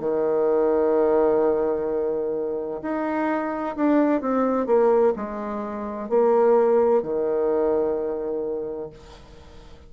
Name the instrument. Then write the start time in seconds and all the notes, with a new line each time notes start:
bassoon
0.00 D#3
2.82 D#4
3.76 D4
4.21 C4
4.67 A#3
5.16 G#3
6.09 A#3
7.03 D#3